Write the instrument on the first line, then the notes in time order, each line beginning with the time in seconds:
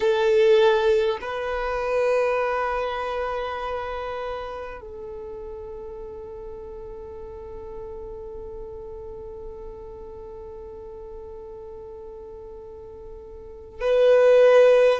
violin
0.00 A4
1.21 B4
4.81 A4
13.80 B4